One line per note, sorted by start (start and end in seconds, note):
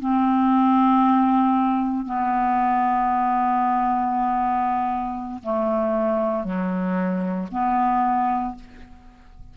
0.00 2.06 C4
2.06 5.42 B3
5.44 6.44 A3
6.44 7.48 F#3
7.52 8.55 B3